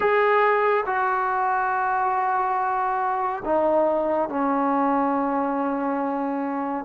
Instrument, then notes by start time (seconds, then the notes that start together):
trombone
0.00 G#4
0.86 F#4
3.44 D#4
4.29 C#4